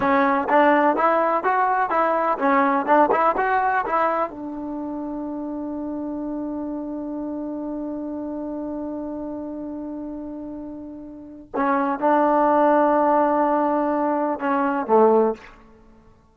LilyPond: \new Staff \with { instrumentName = "trombone" } { \time 4/4 \tempo 4 = 125 cis'4 d'4 e'4 fis'4 | e'4 cis'4 d'8 e'8 fis'4 | e'4 d'2.~ | d'1~ |
d'1~ | d'1 | cis'4 d'2.~ | d'2 cis'4 a4 | }